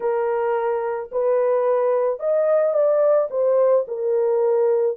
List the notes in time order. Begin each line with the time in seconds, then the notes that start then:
0.00 A#4
1.11 B4
2.19 D#5
2.73 D5
3.30 C5
3.87 A#4